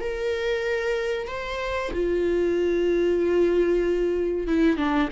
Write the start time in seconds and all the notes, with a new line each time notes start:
0.00 A#4
1.28 C5
1.94 F4
4.48 E4
4.77 D4